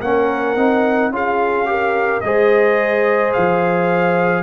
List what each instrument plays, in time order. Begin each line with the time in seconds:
0.00 tuba A#3, trombone C#4, horn A#4, trumpet F#5
0.56 tuba C4, trombone D#4
1.10 tuba C#4, trombone F4, horn G#4, trumpet F5
1.65 trombone G4, horn A#4
2.20 tuba G#3, trombone G#4, horn C5, trumpet D#5
3.33 tuba F3, trumpet F5